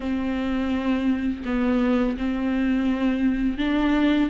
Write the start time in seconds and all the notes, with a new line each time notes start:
0.00 C4
1.45 B3
2.17 C4
3.58 D4